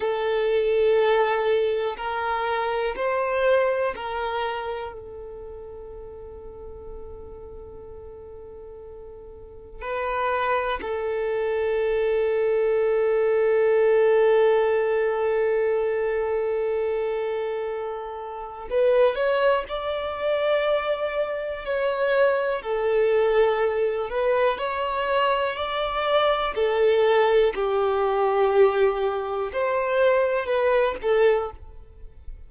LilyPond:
\new Staff \with { instrumentName = "violin" } { \time 4/4 \tempo 4 = 61 a'2 ais'4 c''4 | ais'4 a'2.~ | a'2 b'4 a'4~ | a'1~ |
a'2. b'8 cis''8 | d''2 cis''4 a'4~ | a'8 b'8 cis''4 d''4 a'4 | g'2 c''4 b'8 a'8 | }